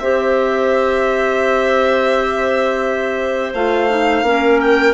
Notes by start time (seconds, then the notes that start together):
0.00 C4 G4 C5 E5
3.54 A3 F4 F5
3.90 D#4
4.22 A#3 C#4 A#4
4.61 G5